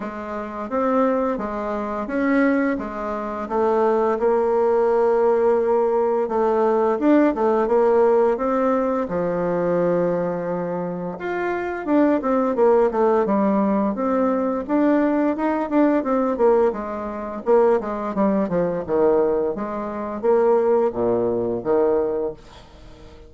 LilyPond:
\new Staff \with { instrumentName = "bassoon" } { \time 4/4 \tempo 4 = 86 gis4 c'4 gis4 cis'4 | gis4 a4 ais2~ | ais4 a4 d'8 a8 ais4 | c'4 f2. |
f'4 d'8 c'8 ais8 a8 g4 | c'4 d'4 dis'8 d'8 c'8 ais8 | gis4 ais8 gis8 g8 f8 dis4 | gis4 ais4 ais,4 dis4 | }